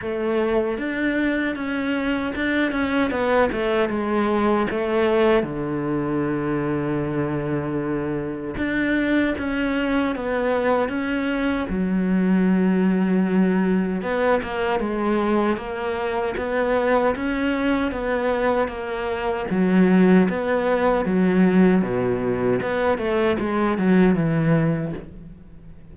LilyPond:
\new Staff \with { instrumentName = "cello" } { \time 4/4 \tempo 4 = 77 a4 d'4 cis'4 d'8 cis'8 | b8 a8 gis4 a4 d4~ | d2. d'4 | cis'4 b4 cis'4 fis4~ |
fis2 b8 ais8 gis4 | ais4 b4 cis'4 b4 | ais4 fis4 b4 fis4 | b,4 b8 a8 gis8 fis8 e4 | }